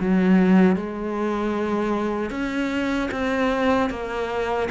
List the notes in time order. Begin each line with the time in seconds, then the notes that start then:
0.00 F#3
0.76 G#3
2.30 C#4
3.11 C4
3.90 A#3